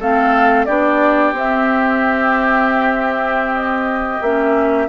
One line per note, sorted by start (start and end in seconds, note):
0.00 0.67 A3
0.00 0.68 C4
0.00 0.67 A4
0.00 0.66 F5
0.66 1.33 B3
0.66 1.35 D4
0.66 4.88 G4
0.66 1.33 D5
1.33 4.19 C4
1.33 4.22 C4
1.33 3.55 E5
3.55 4.22 D#5
4.21 4.89 A#3
4.21 4.89 C#4
4.21 4.89 E5